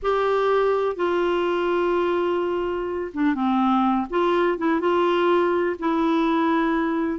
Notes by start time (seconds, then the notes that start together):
0.02 G4
0.96 F4
3.13 D4
3.34 C4
4.10 F4
4.58 E4
4.80 F4
5.79 E4